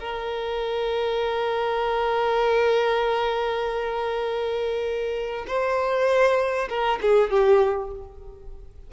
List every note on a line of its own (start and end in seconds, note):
0.00 5.45 A#4
5.48 6.69 C5
6.69 7.00 A#4
7.02 7.31 G#4
7.31 7.91 G4